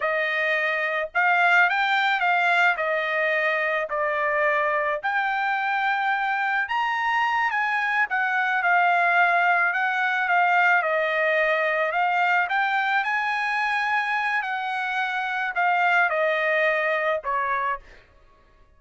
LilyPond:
\new Staff \with { instrumentName = "trumpet" } { \time 4/4 \tempo 4 = 108 dis''2 f''4 g''4 | f''4 dis''2 d''4~ | d''4 g''2. | ais''4. gis''4 fis''4 f''8~ |
f''4. fis''4 f''4 dis''8~ | dis''4. f''4 g''4 gis''8~ | gis''2 fis''2 | f''4 dis''2 cis''4 | }